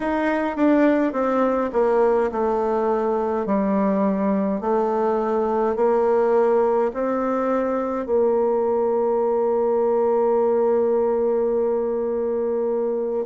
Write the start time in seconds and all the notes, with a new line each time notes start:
0.00 D#4
0.56 D4
1.12 C4
1.73 A#3
2.31 A3
3.46 G3
4.60 A3
5.76 A#3
6.93 C4
8.06 A#3